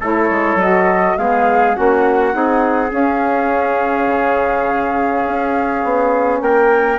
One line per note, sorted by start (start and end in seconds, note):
0.00 0.30 A3
0.00 0.59 E4
0.00 1.17 A4
0.00 0.60 C#5
0.30 0.55 G#3
0.55 1.13 F#3
0.55 1.18 F#4
0.55 1.18 D#5
1.18 1.77 G#3
1.18 1.74 B3
1.18 1.77 G#4
1.18 1.75 F5
1.74 2.34 A#3
1.74 2.32 C#4
1.74 2.35 F#4
1.74 2.91 F#5
2.32 2.92 C4
2.32 2.88 D#4
2.32 6.43 G#4
2.88 6.96 C#4
2.88 4.07 C#4
2.88 6.41 F5
4.07 5.23 C#3
5.26 5.84 C#4
5.84 6.41 B3
6.41 6.98 A#3
6.41 6.98 A#4
6.41 6.98 G5